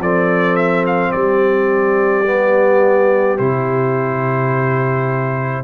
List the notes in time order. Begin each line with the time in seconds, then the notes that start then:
0.00 F3 C4 A4 D5
0.56 E5
0.87 F5
1.12 G3 G4 D5
2.25 B3
3.39 C3 E4 C5